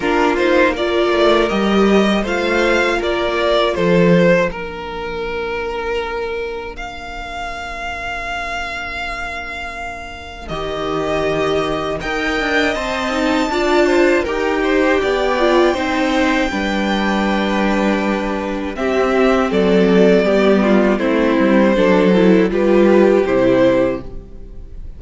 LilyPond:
<<
  \new Staff \with { instrumentName = "violin" } { \time 4/4 \tempo 4 = 80 ais'8 c''8 d''4 dis''4 f''4 | d''4 c''4 ais'2~ | ais'4 f''2.~ | f''2 dis''2 |
g''4 a''2 g''4~ | g''1~ | g''4 e''4 d''2 | c''2 b'4 c''4 | }
  \new Staff \with { instrumentName = "violin" } { \time 4/4 f'4 ais'2 c''4 | ais'4 a'4 ais'2~ | ais'1~ | ais'1 |
dis''2 d''8 c''8 ais'8 c''8 | d''4 c''4 b'2~ | b'4 g'4 a'4 g'8 f'8 | e'4 a'4 g'2 | }
  \new Staff \with { instrumentName = "viola" } { \time 4/4 d'8 dis'8 f'4 g'4 f'4~ | f'2 d'2~ | d'1~ | d'2 g'2 |
ais'4 c''8 dis'8 f'4 g'4~ | g'8 f'8 dis'4 d'2~ | d'4 c'2 b4 | c'4 d'8 e'8 f'4 e'4 | }
  \new Staff \with { instrumentName = "cello" } { \time 4/4 ais4. a8 g4 a4 | ais4 f4 ais2~ | ais1~ | ais2 dis2 |
dis'8 d'8 c'4 d'4 dis'4 | b4 c'4 g2~ | g4 c'4 fis4 g4 | a8 g8 fis4 g4 c4 | }
>>